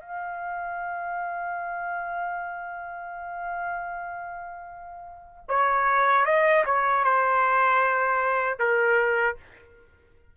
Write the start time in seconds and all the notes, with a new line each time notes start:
0.00 F5
5.48 C#5
6.25 D#5
6.66 C#5
7.04 C5
8.59 A#4